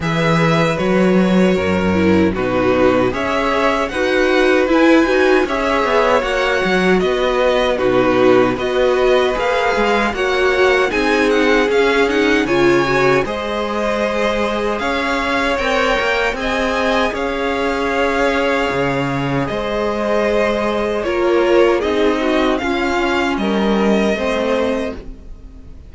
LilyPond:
<<
  \new Staff \with { instrumentName = "violin" } { \time 4/4 \tempo 4 = 77 e''4 cis''2 b'4 | e''4 fis''4 gis''4 e''4 | fis''4 dis''4 b'4 dis''4 | f''4 fis''4 gis''8 fis''8 f''8 fis''8 |
gis''4 dis''2 f''4 | g''4 gis''4 f''2~ | f''4 dis''2 cis''4 | dis''4 f''4 dis''2 | }
  \new Staff \with { instrumentName = "violin" } { \time 4/4 b'2 ais'4 fis'4 | cis''4 b'2 cis''4~ | cis''4 b'4 fis'4 b'4~ | b'4 cis''4 gis'2 |
cis''4 c''2 cis''4~ | cis''4 dis''4 cis''2~ | cis''4 c''2 ais'4 | gis'8 fis'8 f'4 ais'4 c''4 | }
  \new Staff \with { instrumentName = "viola" } { \time 4/4 gis'4 fis'4. e'8 dis'4 | gis'4 fis'4 e'8 fis'8 gis'4 | fis'2 dis'4 fis'4 | gis'4 fis'4 dis'4 cis'8 dis'8 |
f'8 fis'8 gis'2. | ais'4 gis'2.~ | gis'2. f'4 | dis'4 cis'2 c'4 | }
  \new Staff \with { instrumentName = "cello" } { \time 4/4 e4 fis4 fis,4 b,4 | cis'4 dis'4 e'8 dis'8 cis'8 b8 | ais8 fis8 b4 b,4 b4 | ais8 gis8 ais4 c'4 cis'4 |
cis4 gis2 cis'4 | c'8 ais8 c'4 cis'2 | cis4 gis2 ais4 | c'4 cis'4 g4 a4 | }
>>